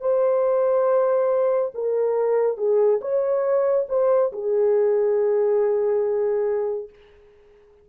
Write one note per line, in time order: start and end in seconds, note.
0.00 1.71 C5
1.74 2.57 A#4
2.57 3.00 G#4
3.01 3.86 C#5
3.88 4.31 C5
4.32 6.89 G#4